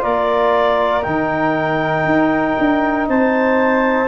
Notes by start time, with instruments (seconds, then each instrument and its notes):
0.00 tuba A#3, trombone F4, flute A#4, clarinet D5
1.03 tuba D#3, trombone D#4, clarinet G5
2.05 tuba D#4
2.58 tuba D4
3.08 tuba C4, flute C5, clarinet A5